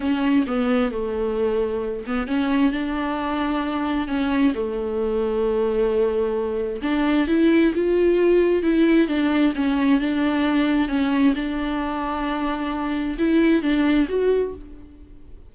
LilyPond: \new Staff \with { instrumentName = "viola" } { \time 4/4 \tempo 4 = 132 cis'4 b4 a2~ | a8 b8 cis'4 d'2~ | d'4 cis'4 a2~ | a2. d'4 |
e'4 f'2 e'4 | d'4 cis'4 d'2 | cis'4 d'2.~ | d'4 e'4 d'4 fis'4 | }